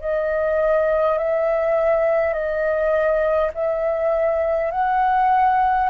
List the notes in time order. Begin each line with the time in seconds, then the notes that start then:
0.00 D#5
1.18 E5
2.33 D#5
3.54 E5
4.71 F#5